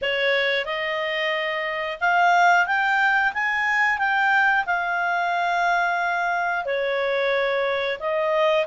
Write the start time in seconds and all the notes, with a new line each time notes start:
0.01 C#5
0.65 D#5
2.00 F5
2.66 G5
3.33 G#5
3.98 G5
4.66 F5
6.65 C#5
7.99 D#5